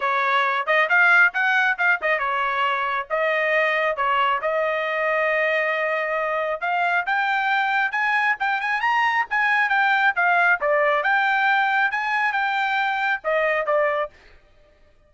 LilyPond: \new Staff \with { instrumentName = "trumpet" } { \time 4/4 \tempo 4 = 136 cis''4. dis''8 f''4 fis''4 | f''8 dis''8 cis''2 dis''4~ | dis''4 cis''4 dis''2~ | dis''2. f''4 |
g''2 gis''4 g''8 gis''8 | ais''4 gis''4 g''4 f''4 | d''4 g''2 gis''4 | g''2 dis''4 d''4 | }